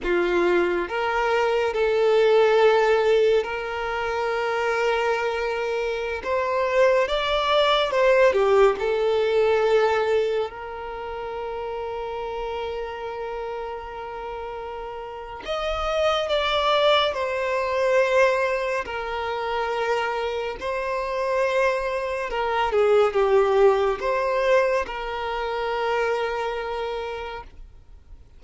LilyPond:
\new Staff \with { instrumentName = "violin" } { \time 4/4 \tempo 4 = 70 f'4 ais'4 a'2 | ais'2.~ ais'16 c''8.~ | c''16 d''4 c''8 g'8 a'4.~ a'16~ | a'16 ais'2.~ ais'8.~ |
ais'2 dis''4 d''4 | c''2 ais'2 | c''2 ais'8 gis'8 g'4 | c''4 ais'2. | }